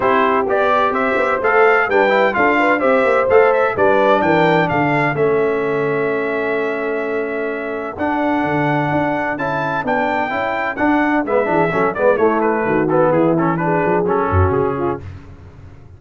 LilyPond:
<<
  \new Staff \with { instrumentName = "trumpet" } { \time 4/4 \tempo 4 = 128 c''4 d''4 e''4 f''4 | g''4 f''4 e''4 f''8 e''8 | d''4 g''4 f''4 e''4~ | e''1~ |
e''4 fis''2. | a''4 g''2 fis''4 | e''4. d''8 cis''8 b'4 a'8 | gis'8 a'8 b'4 a'4 gis'4 | }
  \new Staff \with { instrumentName = "horn" } { \time 4/4 g'2 c''2 | b'4 a'8 b'8 c''2 | b'4 ais'4 a'2~ | a'1~ |
a'1~ | a'1 | b'8 gis'8 a'8 b'8 e'4 fis'4 | e'4 gis'4. fis'4 f'8 | }
  \new Staff \with { instrumentName = "trombone" } { \time 4/4 e'4 g'2 a'4 | d'8 e'8 f'4 g'4 a'4 | d'2. cis'4~ | cis'1~ |
cis'4 d'2. | e'4 d'4 e'4 d'4 | b8 d'8 cis'8 b8 a4. b8~ | b8 cis'8 d'4 cis'2 | }
  \new Staff \with { instrumentName = "tuba" } { \time 4/4 c'4 b4 c'8 b8 a4 | g4 d'4 c'8 ais8 a4 | g4 e4 d4 a4~ | a1~ |
a4 d'4 d4 d'4 | cis'4 b4 cis'4 d'4 | gis8 e8 fis8 gis8 a4 dis4 | e4. f8 fis8 fis,8 cis4 | }
>>